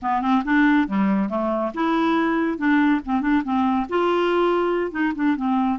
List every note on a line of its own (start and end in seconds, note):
0.02 0.21 B3
0.21 0.42 C4
0.44 0.87 D4
0.87 1.29 G3
1.29 1.72 A3
1.74 2.58 E4
2.58 3.00 D4
3.05 3.21 C4
3.21 3.42 D4
3.44 3.86 C4
3.89 4.91 F4
4.91 5.12 D#4
5.15 5.36 D4
5.36 5.79 C4